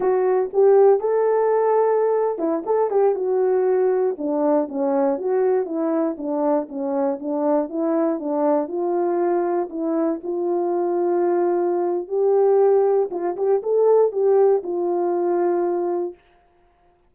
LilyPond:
\new Staff \with { instrumentName = "horn" } { \time 4/4 \tempo 4 = 119 fis'4 g'4 a'2~ | a'8. e'8 a'8 g'8 fis'4.~ fis'16~ | fis'16 d'4 cis'4 fis'4 e'8.~ | e'16 d'4 cis'4 d'4 e'8.~ |
e'16 d'4 f'2 e'8.~ | e'16 f'2.~ f'8. | g'2 f'8 g'8 a'4 | g'4 f'2. | }